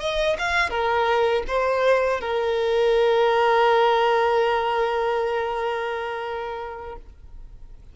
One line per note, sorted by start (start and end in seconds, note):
0.00 0.37 D#5
0.39 0.70 F5
0.70 1.43 A#4
1.48 2.21 C5
2.21 6.96 A#4